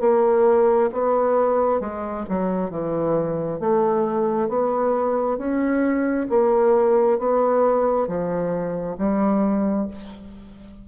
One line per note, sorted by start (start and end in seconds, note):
0.00 0.90 A#3
0.92 1.80 B3
1.80 2.25 G#3
2.29 2.70 F#3
2.70 3.60 E3
3.60 4.49 A3
4.49 5.38 B3
5.38 6.27 C#4
6.29 7.18 A#3
7.18 8.07 B3
8.07 8.97 F3
8.98 9.88 G3